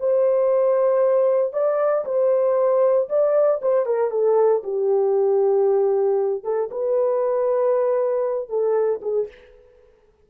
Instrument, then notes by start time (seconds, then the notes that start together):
horn
0.00 C5
1.53 D5
2.05 C5
3.09 D5
3.62 C5
3.86 A#4
4.11 A4
4.63 G4
6.44 A4
6.71 B4
8.49 A4
9.02 G#4